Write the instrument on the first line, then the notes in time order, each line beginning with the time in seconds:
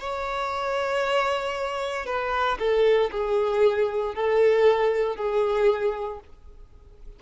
violin
0.00 C#5
2.06 B4
2.59 A4
3.11 G#4
4.15 A4
5.16 G#4